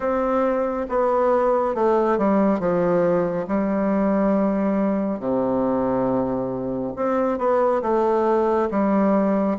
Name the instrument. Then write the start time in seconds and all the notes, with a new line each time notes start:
bassoon
0.00 C4
0.89 B3
1.74 A3
2.18 G3
2.59 F3
3.47 G3
5.19 C3
6.96 C4
7.38 B3
7.81 A3
8.70 G3